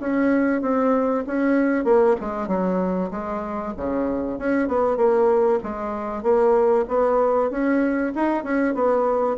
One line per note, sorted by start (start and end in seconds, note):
0.00 0.62 C#4
0.62 1.24 C4
1.27 1.84 C#4
1.84 2.16 A#3
2.20 2.48 G#3
2.48 3.10 F#3
3.11 3.73 G#3
3.77 4.38 C#3
4.38 4.68 C#4
4.68 4.97 B3
4.97 5.59 A#3
5.63 6.23 G#3
6.23 6.85 A#3
6.88 7.51 B3
7.51 8.13 C#4
8.15 8.43 D#4
8.43 8.74 C#4
8.74 9.37 B3